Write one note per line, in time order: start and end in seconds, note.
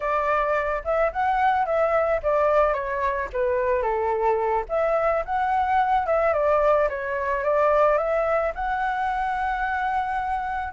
0.00 0.82 D5
0.84 1.12 E5
1.12 1.65 F#5
1.65 2.20 E5
2.23 2.73 D5
2.73 3.29 C#5
3.33 3.82 B4
3.82 4.65 A4
4.69 5.24 E5
5.25 6.06 F#5
6.06 6.33 E5
6.33 6.88 D5
6.89 7.43 C#5
7.43 7.97 D5
7.97 8.52 E5
8.54 10.73 F#5